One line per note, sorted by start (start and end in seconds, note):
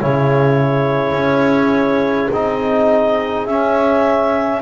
0.00 1.12 C#3
0.00 2.31 E4
0.00 4.62 G#4
0.00 2.31 C#5
1.12 2.28 C#4
2.31 3.47 C4
2.31 3.48 D#4
2.31 3.46 D#5
3.46 4.62 C#4
3.46 4.61 E5